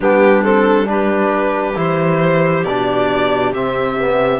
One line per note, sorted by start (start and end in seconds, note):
0.00 1.76 G3
0.00 0.44 B3
0.00 0.88 D4
0.00 0.43 G4
0.43 0.85 C4
0.43 0.87 A4
0.85 1.74 D4
0.85 4.40 G4
0.85 1.77 B4
1.75 2.64 E3
1.75 2.63 E4
1.75 2.64 C5
2.64 3.52 B2
2.64 3.55 D4
2.64 3.52 D5
3.53 4.40 C3
3.53 3.98 C4
3.53 4.40 E5
3.98 4.40 B3